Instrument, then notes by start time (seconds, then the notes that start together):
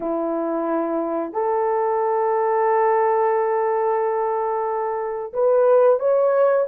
horn
0.00 E4
1.32 A4
5.33 B4
5.99 C#5